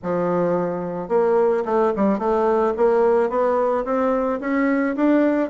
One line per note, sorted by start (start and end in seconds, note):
0.02 1.08 F3
1.08 1.63 A#3
1.65 1.92 A3
1.95 2.18 G3
2.18 2.73 A3
2.76 3.29 A#3
3.29 3.84 B3
3.84 4.39 C4
4.40 4.95 C#4
4.95 5.49 D4